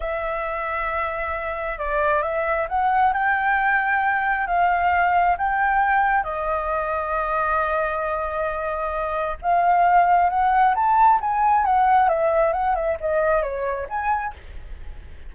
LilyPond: \new Staff \with { instrumentName = "flute" } { \time 4/4 \tempo 4 = 134 e''1 | d''4 e''4 fis''4 g''4~ | g''2 f''2 | g''2 dis''2~ |
dis''1~ | dis''4 f''2 fis''4 | a''4 gis''4 fis''4 e''4 | fis''8 e''8 dis''4 cis''4 gis''4 | }